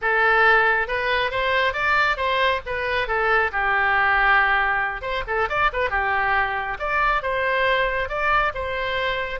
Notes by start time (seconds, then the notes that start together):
0.01 A4
0.87 B4
1.30 C5
1.73 D5
2.16 C5
2.66 B4
3.07 A4
3.52 G4
5.01 C5
5.27 A4
5.49 D5
5.73 B4
5.90 G4
6.79 D5
7.22 C5
8.08 D5
8.54 C5